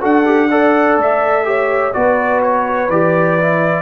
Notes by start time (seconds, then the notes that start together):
0.00 D4 F#4 A4 F#5
0.25 G4
0.51 A4 D5
0.97 A3 E5
1.44 G4 C#5
1.93 B3 F#4 B4 D5
2.42 C#5
2.88 E3 G4 D5
3.40 E4